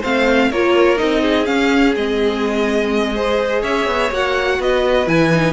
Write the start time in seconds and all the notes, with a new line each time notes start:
0.00 A3 C4 C5 F5
0.51 A#3 F4 A#4 C#5
0.97 C4 D#4 D#5
1.22 G#4
1.45 C#4 F5
1.96 G#3 C4 D#5
3.15 G#4 C5
3.62 C#4 C#5 E5
3.86 B3
4.11 A#3 F#4 F#5
4.59 B3 B4 D#5
5.07 E3 E4 G#5
5.32 D#4